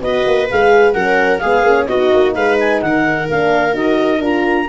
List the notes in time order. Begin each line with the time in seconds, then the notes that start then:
0.00 B3 F#4 B4 D#5
0.26 A#3
0.50 G#3 G#4 F5
0.93 F#3 C#4 A#4 F#5
1.38 G#3 B3 G#4 F5
1.62 A#3 C#4
1.86 B3 D#4 F#4 D#5
2.13 A#3
2.34 G#3 B4 F5
2.59 G#5
2.81 D#3 A#4 F#5
3.29 A#3 D4 F5
3.73 D#4 F#4 D#5
4.19 D4 F4 A#5